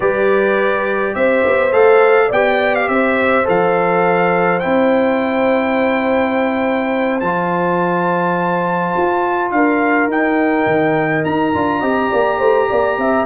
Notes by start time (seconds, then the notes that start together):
0.00 G3 G4 B4 D5
1.14 C4 C5 E5
1.44 B3
1.72 A3 A4 F5
2.28 B3 G4 D5 G5
2.75 F5
2.88 C4 C5 E5
3.44 F3 A4 F5
4.59 C4 E4 G5
7.20 F3 F4 A5
8.96 F4
9.51 D4 A#4 F5
10.07 D#4 G5
10.66 D#3
11.24 D#4 A#5
11.54 D4 F4
11.79 C4 G4 D#5
12.10 A#3 D5
12.38 A3 C5
12.69 A#3 D5
12.97 C4 E5